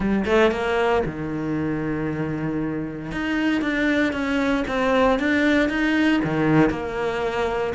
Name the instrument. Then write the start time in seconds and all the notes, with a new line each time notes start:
cello
0.00 G3
0.25 A3
0.51 A#3
1.05 D#3
3.11 D#4
3.61 D4
4.12 C#4
4.67 C4
5.19 D4
5.69 D#4
6.24 D#3
6.70 A#3